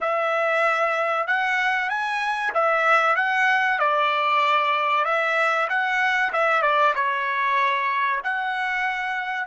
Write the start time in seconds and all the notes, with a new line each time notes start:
0.01 E5
1.27 F#5
1.89 G#5
2.54 E5
3.16 F#5
3.79 D5
5.04 E5
5.69 F#5
6.32 E5
6.61 D5
6.94 C#5
8.23 F#5